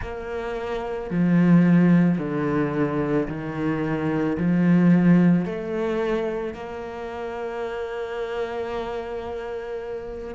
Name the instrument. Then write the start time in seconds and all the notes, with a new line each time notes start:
cello
0.01 A#3
1.10 F3
2.18 D3
3.28 D#3
4.37 F3
5.45 A3
6.54 A#3